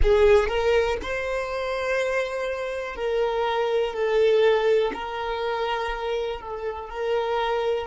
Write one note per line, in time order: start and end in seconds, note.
0.02 0.48 G#4
0.48 0.97 A#4
1.02 2.95 C5
2.95 3.93 A#4
3.93 4.91 A4
4.93 6.40 A#4
6.40 6.89 A4
6.89 7.87 A#4